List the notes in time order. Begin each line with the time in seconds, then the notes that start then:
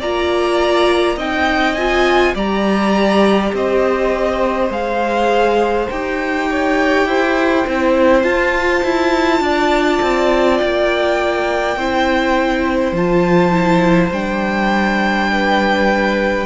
0.00 A#3 F4 D5 A#5
1.16 C4 D#4 D#5 G5
1.75 F4 G#5
2.35 G3 G4 D5 A#5
3.53 C4 C5 D#5
4.70 G#3 G#4 F5
5.89 D#4 G4 G5
6.51 C#5
7.06 E4 C5
7.66 C4 E4
8.23 F4 A5
8.84 E4
9.40 D4 D5
10.02 C4
10.58 A#3 G5
11.77 C4 E4 C5
12.92 F3 F4 A5
13.52 E4
14.11 G3 D4 G5
15.32 B4